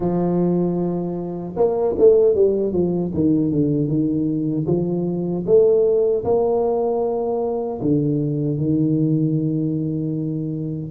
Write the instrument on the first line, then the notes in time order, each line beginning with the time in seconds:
tuba
0.00 F3
1.56 A#3
1.97 A3
2.34 G3
2.72 F3
3.14 D#3
3.51 D3
3.87 D#3
4.66 F3
5.45 A3
6.24 A#3
7.81 D3
8.57 D#3